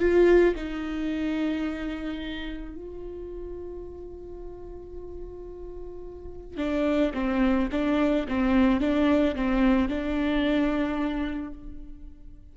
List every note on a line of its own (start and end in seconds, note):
0.00 0.55 F4
0.56 2.75 D#4
2.75 6.58 F4
6.58 7.13 D4
7.14 7.69 C4
7.72 8.27 D4
8.28 8.80 C4
8.80 9.36 D4
9.36 9.89 C4
9.89 11.54 D4